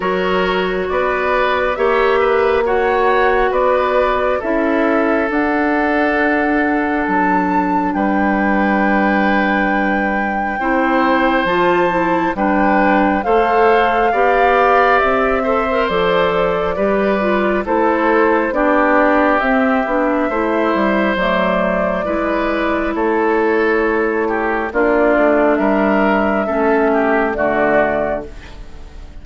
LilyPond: <<
  \new Staff \with { instrumentName = "flute" } { \time 4/4 \tempo 4 = 68 cis''4 d''4 e''4 fis''4 | d''4 e''4 fis''2 | a''4 g''2.~ | g''4 a''4 g''4 f''4~ |
f''4 e''4 d''2 | c''4 d''4 e''2 | d''2 cis''2 | d''4 e''2 d''4 | }
  \new Staff \with { instrumentName = "oboe" } { \time 4/4 ais'4 b'4 cis''8 b'8 cis''4 | b'4 a'2.~ | a'4 b'2. | c''2 b'4 c''4 |
d''4. c''4. b'4 | a'4 g'2 c''4~ | c''4 b'4 a'4. g'8 | f'4 ais'4 a'8 g'8 fis'4 | }
  \new Staff \with { instrumentName = "clarinet" } { \time 4/4 fis'2 g'4 fis'4~ | fis'4 e'4 d'2~ | d'1 | e'4 f'8 e'8 d'4 a'4 |
g'4. a'16 ais'16 a'4 g'8 f'8 | e'4 d'4 c'8 d'8 e'4 | a4 e'2. | d'2 cis'4 a4 | }
  \new Staff \with { instrumentName = "bassoon" } { \time 4/4 fis4 b4 ais2 | b4 cis'4 d'2 | fis4 g2. | c'4 f4 g4 a4 |
b4 c'4 f4 g4 | a4 b4 c'8 b8 a8 g8 | fis4 gis4 a2 | ais8 a8 g4 a4 d4 | }
>>